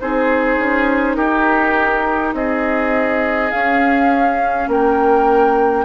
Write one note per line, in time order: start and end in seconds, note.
0.00 0.58 C4
0.00 3.52 D#4
0.00 1.16 G#4
0.00 1.15 C5
0.58 1.17 C#4
1.15 2.33 D#4
1.15 2.34 G4
1.15 2.33 A#4
2.33 3.51 C4
2.33 4.69 G#4
2.33 3.51 D#5
3.51 5.85 C#4
3.51 4.67 C#4
3.51 4.68 F5
4.67 5.85 A#3
4.67 5.85 A#4
4.67 5.85 G5